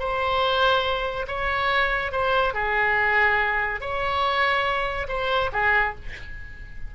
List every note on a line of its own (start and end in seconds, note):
0.00 1.27 C5
1.28 2.12 C#5
2.12 2.54 C5
2.54 3.81 G#4
3.81 5.08 C#5
5.09 5.51 C5
5.53 5.95 G#4